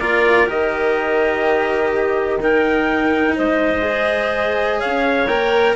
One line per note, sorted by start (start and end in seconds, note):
0.00 0.48 A#3
0.00 0.47 F4
0.00 1.92 A#4
0.00 0.48 D5
0.47 3.36 D#3
0.47 2.39 G4
0.47 2.42 D#5
1.93 2.41 G4
2.41 3.83 D#4
2.41 3.37 A#4
2.41 3.39 G5
3.37 4.83 G#3
3.37 4.80 C5
3.37 4.80 D#5
3.83 5.27 G#4
4.80 5.76 C#5
4.80 5.28 F5
4.86 5.27 C#4
5.27 5.75 A#3
5.27 5.76 A#4
5.27 5.76 G5